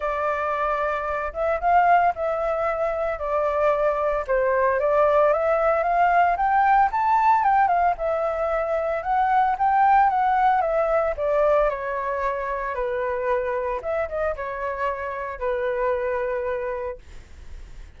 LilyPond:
\new Staff \with { instrumentName = "flute" } { \time 4/4 \tempo 4 = 113 d''2~ d''8 e''8 f''4 | e''2 d''2 | c''4 d''4 e''4 f''4 | g''4 a''4 g''8 f''8 e''4~ |
e''4 fis''4 g''4 fis''4 | e''4 d''4 cis''2 | b'2 e''8 dis''8 cis''4~ | cis''4 b'2. | }